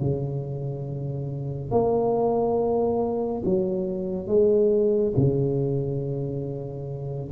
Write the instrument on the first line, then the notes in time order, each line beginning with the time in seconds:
tuba
0.00 C#3
1.71 A#3
3.45 F#3
4.27 G#3
5.17 C#3